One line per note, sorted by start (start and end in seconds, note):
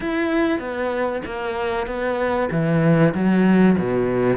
0.00 0.59 E4
0.59 1.21 B3
1.25 1.86 A#3
1.86 2.49 B3
2.51 3.13 E3
3.14 3.76 F#3
3.78 4.37 B2